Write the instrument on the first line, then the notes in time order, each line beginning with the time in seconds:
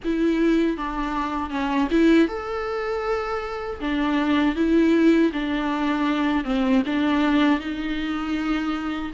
viola
0.04 E4
0.77 D4
1.50 C#4
1.91 E4
2.28 A4
3.80 D4
4.55 E4
5.32 D4
6.44 C4
6.86 D4
7.59 D#4